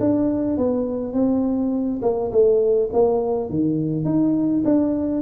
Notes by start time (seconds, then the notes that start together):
0.00 D4
0.57 B3
1.13 C4
2.02 A#3
2.31 A3
2.93 A#3
3.50 D#3
4.05 D#4
4.65 D4